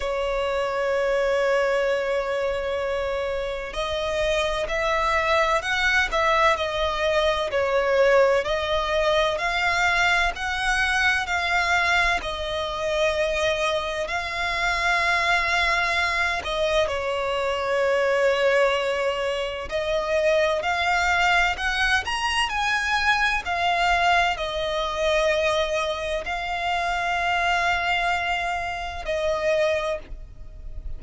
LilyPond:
\new Staff \with { instrumentName = "violin" } { \time 4/4 \tempo 4 = 64 cis''1 | dis''4 e''4 fis''8 e''8 dis''4 | cis''4 dis''4 f''4 fis''4 | f''4 dis''2 f''4~ |
f''4. dis''8 cis''2~ | cis''4 dis''4 f''4 fis''8 ais''8 | gis''4 f''4 dis''2 | f''2. dis''4 | }